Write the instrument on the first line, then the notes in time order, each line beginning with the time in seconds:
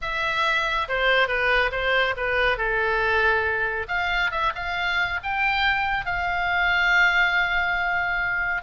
oboe
0.01 E5
0.88 C5
1.27 B4
1.71 C5
2.16 B4
2.57 A4
3.88 F5
4.31 E5
4.55 F5
5.23 G5
6.05 F5